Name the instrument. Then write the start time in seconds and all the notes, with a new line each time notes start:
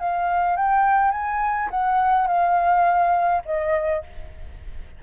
flute
0.00 F5
0.57 G5
1.12 G#5
1.71 F#5
2.28 F5
3.46 D#5